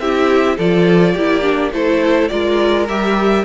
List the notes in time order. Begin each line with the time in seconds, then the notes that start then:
0.00 C4 E4 G4 E5
0.57 F3 F4 A4 D5
1.14 A#3 E4 G4
1.42 D4
1.73 A3 E4 A4 C5
2.29 G#3 F4 A#4 D5
2.89 G3 G4 E5